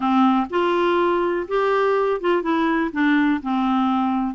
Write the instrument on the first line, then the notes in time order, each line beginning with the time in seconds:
clarinet
0.00 C4
0.50 F4
1.48 G4
2.20 F4
2.42 E4
2.92 D4
3.42 C4